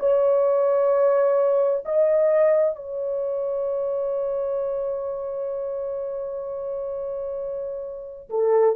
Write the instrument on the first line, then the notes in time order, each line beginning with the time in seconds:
horn
0.00 C#5
1.85 D#5
2.76 C#5
8.30 A4